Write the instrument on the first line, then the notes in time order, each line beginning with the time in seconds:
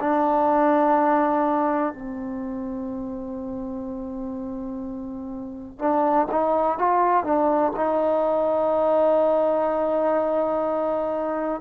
trombone
0.00 D4
1.94 C4
5.79 D4
6.32 D#4
6.79 F4
7.24 D4
7.76 D#4